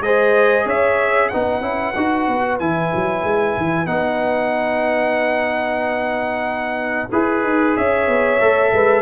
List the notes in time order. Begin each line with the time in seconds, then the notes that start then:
0.00 G#3 G#4 C5 D#5
0.66 C#4 C#5 E5
1.29 B3 D#4 B4 F#5
1.61 C#4 E4
1.96 D#4 F#4
2.28 B3
2.59 E3 E4 G#5
2.94 F#3
3.24 G#3
3.57 E3
3.86 B3 D#4 F#5
7.12 E4 G#4 B4
7.44 D#4
7.76 C#4 C#5 E5
8.08 B3
8.40 A3 A4
8.73 G#3 B4